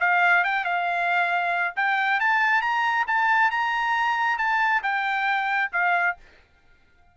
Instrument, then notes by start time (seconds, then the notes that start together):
trumpet
0.00 F5
0.44 G5
0.65 F5
1.76 G5
2.20 A5
2.62 A#5
3.08 A5
3.51 A#5
4.38 A5
4.83 G5
5.73 F5